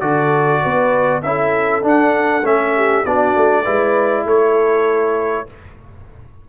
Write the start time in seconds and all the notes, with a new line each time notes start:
0.00 D3 F#4 A4 D5
0.62 B3 B4
1.22 C#4 E4 A4 E5
1.82 D4 F#5
2.44 A3 C#4 E5
2.76 G4
3.05 B3 D4 F#4 D5
3.36 A3
3.62 G#3 E4 B4
4.25 A3 A4 C#5